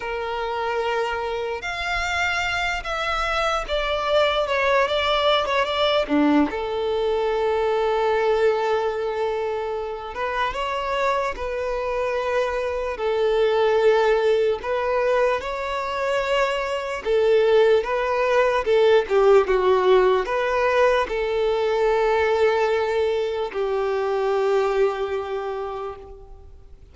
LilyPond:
\new Staff \with { instrumentName = "violin" } { \time 4/4 \tempo 4 = 74 ais'2 f''4. e''8~ | e''8 d''4 cis''8 d''8. cis''16 d''8 d'8 | a'1~ | a'8 b'8 cis''4 b'2 |
a'2 b'4 cis''4~ | cis''4 a'4 b'4 a'8 g'8 | fis'4 b'4 a'2~ | a'4 g'2. | }